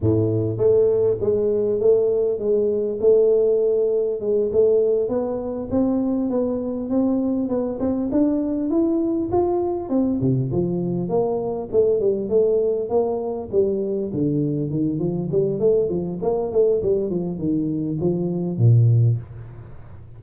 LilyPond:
\new Staff \with { instrumentName = "tuba" } { \time 4/4 \tempo 4 = 100 a,4 a4 gis4 a4 | gis4 a2 gis8 a8~ | a8 b4 c'4 b4 c'8~ | c'8 b8 c'8 d'4 e'4 f'8~ |
f'8 c'8 c8 f4 ais4 a8 | g8 a4 ais4 g4 d8~ | d8 dis8 f8 g8 a8 f8 ais8 a8 | g8 f8 dis4 f4 ais,4 | }